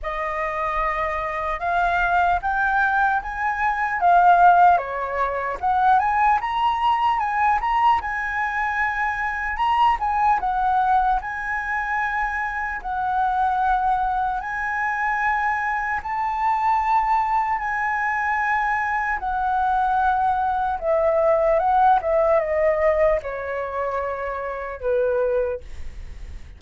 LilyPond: \new Staff \with { instrumentName = "flute" } { \time 4/4 \tempo 4 = 75 dis''2 f''4 g''4 | gis''4 f''4 cis''4 fis''8 gis''8 | ais''4 gis''8 ais''8 gis''2 | ais''8 gis''8 fis''4 gis''2 |
fis''2 gis''2 | a''2 gis''2 | fis''2 e''4 fis''8 e''8 | dis''4 cis''2 b'4 | }